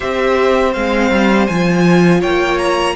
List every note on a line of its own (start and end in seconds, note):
0.00 0.75 C4
0.00 0.73 G4
0.00 2.19 C5
0.00 0.73 E5
0.73 1.10 G#3
0.73 1.47 C4
0.73 1.46 F5
1.10 1.48 G3
1.46 2.23 F3
1.46 2.96 F4
1.46 2.21 G#5
2.20 2.96 A#3
2.20 2.94 C#5
2.20 2.58 G5
2.58 2.95 A#5